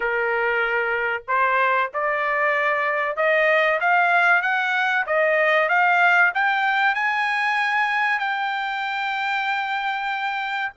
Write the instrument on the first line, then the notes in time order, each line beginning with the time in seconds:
trumpet
0.00 A#4
1.27 C5
1.93 D5
3.16 D#5
3.80 F5
4.42 F#5
5.06 D#5
5.68 F5
6.34 G5
6.94 G#5
8.19 G5